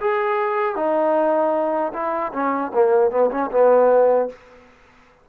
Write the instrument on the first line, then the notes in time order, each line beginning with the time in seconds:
trombone
0.00 G#4
0.75 D#4
1.93 E4
2.32 C#4
2.74 A#3
3.10 B3
3.30 C#4
3.51 B3